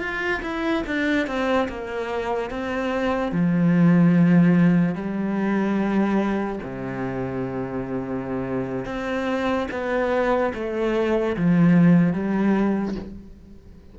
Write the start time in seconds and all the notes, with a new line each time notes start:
0.00 F4
0.43 E4
0.87 D4
1.27 C4
1.69 A#3
2.51 C4
3.32 F3
4.95 G3
6.64 C3
8.86 C4
9.71 B3
10.54 A3
11.37 F3
12.13 G3